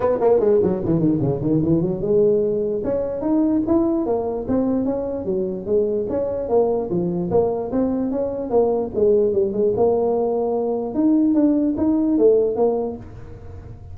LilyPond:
\new Staff \with { instrumentName = "tuba" } { \time 4/4 \tempo 4 = 148 b8 ais8 gis8 fis8 e8 dis8 cis8 dis8 | e8 fis8 gis2 cis'4 | dis'4 e'4 ais4 c'4 | cis'4 fis4 gis4 cis'4 |
ais4 f4 ais4 c'4 | cis'4 ais4 gis4 g8 gis8 | ais2. dis'4 | d'4 dis'4 a4 ais4 | }